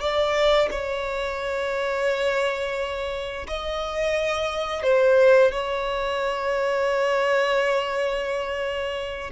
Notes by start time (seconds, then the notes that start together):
0.00 D5
0.71 C#5
3.47 D#5
4.83 C5
5.52 C#5